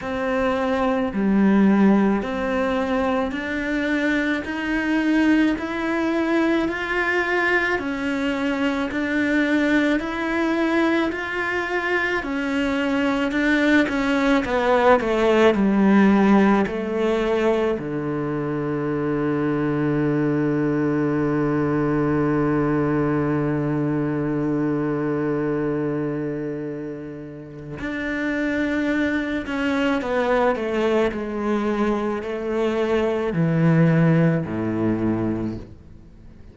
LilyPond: \new Staff \with { instrumentName = "cello" } { \time 4/4 \tempo 4 = 54 c'4 g4 c'4 d'4 | dis'4 e'4 f'4 cis'4 | d'4 e'4 f'4 cis'4 | d'8 cis'8 b8 a8 g4 a4 |
d1~ | d1~ | d4 d'4. cis'8 b8 a8 | gis4 a4 e4 a,4 | }